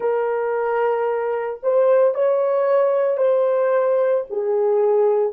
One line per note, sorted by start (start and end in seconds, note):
0.00 1.60 A#4
1.62 2.14 C5
2.14 3.17 C#5
3.17 4.24 C5
4.30 5.33 G#4